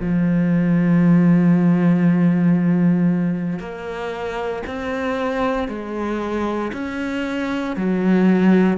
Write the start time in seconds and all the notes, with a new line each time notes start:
0.00 F3
3.59 A#3
4.66 C4
5.68 G#3
6.72 C#4
7.76 F#3